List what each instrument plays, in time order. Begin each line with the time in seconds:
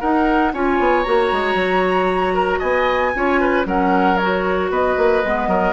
0.00 bassoon D#4, clarinet D#4, oboe A#4, flute F#5
0.54 bassoon C#4, clarinet F4, oboe C#5, flute G#5
0.79 bassoon B3
1.03 bassoon A#3, clarinet F#4, flute A#5
1.32 bassoon G#3
1.55 bassoon F#3
2.34 oboe A#4
2.59 bassoon B3, oboe D#5, flute G#5
3.15 bassoon C#4, clarinet F4, oboe C#5
3.41 oboe B4
3.66 bassoon F#3, clarinet C#4, oboe A#4, flute F#5
4.17 clarinet F#4, flute C#5
4.70 bassoon B3, oboe B4, flute D#5
4.97 bassoon A#3
5.24 bassoon G#3, clarinet B3
5.47 bassoon F#3, oboe A#4